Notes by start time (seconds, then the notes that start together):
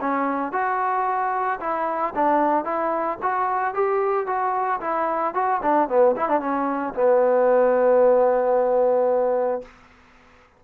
0.00 C#4
0.52 F#4
1.60 E4
2.15 D4
2.64 E4
3.22 F#4
3.74 G4
4.26 F#4
4.80 E4
5.34 F#4
5.62 D4
5.88 B3
6.16 E4
6.28 D4
6.40 C#4
6.94 B3